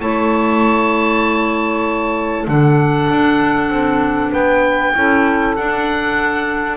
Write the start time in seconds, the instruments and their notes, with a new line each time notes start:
0.00 double bass A3, clarinet E4, saxophone C#5, oboe A5
2.46 double bass D3, clarinet D4, saxophone A4, oboe F#5
3.09 double bass D4
3.69 double bass C4
4.30 double bass B3, saxophone B4, oboe G5
4.95 double bass C#4, clarinet E4, saxophone A4
5.56 double bass D4, clarinet D4, oboe F#5